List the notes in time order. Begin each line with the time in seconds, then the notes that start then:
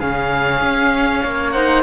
0.00 C#3 C#4 G#4 F5
0.62 C#4
1.23 A#3 C#5
1.52 D#4 C5 F#5